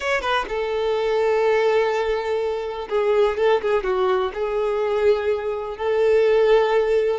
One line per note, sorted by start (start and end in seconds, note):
0.00 0.21 C#5
0.21 0.45 B4
0.48 2.88 A4
2.89 3.37 G#4
3.37 3.61 A4
3.61 3.83 G#4
3.83 4.31 F#4
4.34 5.77 G#4
5.77 7.19 A4